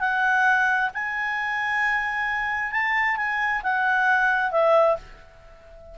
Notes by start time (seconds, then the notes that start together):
0.00 F#5
0.94 G#5
2.71 A5
3.17 G#5
3.63 F#5
4.52 E5